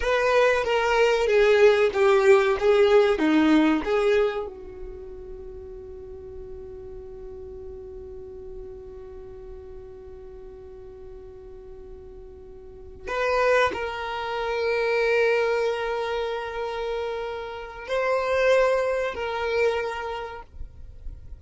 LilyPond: \new Staff \with { instrumentName = "violin" } { \time 4/4 \tempo 4 = 94 b'4 ais'4 gis'4 g'4 | gis'4 dis'4 gis'4 fis'4~ | fis'1~ | fis'1~ |
fis'1~ | fis'8 b'4 ais'2~ ais'8~ | ais'1 | c''2 ais'2 | }